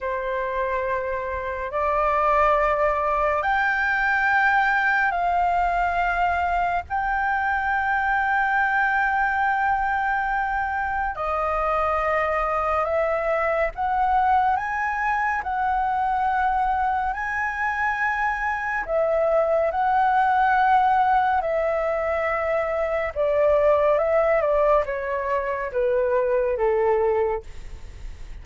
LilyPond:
\new Staff \with { instrumentName = "flute" } { \time 4/4 \tempo 4 = 70 c''2 d''2 | g''2 f''2 | g''1~ | g''4 dis''2 e''4 |
fis''4 gis''4 fis''2 | gis''2 e''4 fis''4~ | fis''4 e''2 d''4 | e''8 d''8 cis''4 b'4 a'4 | }